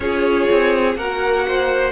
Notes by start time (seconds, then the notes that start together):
0.00 C#4 F4 G#4 C#5
0.51 C4
0.95 A#3 F#4 A#4 F#5
1.47 C5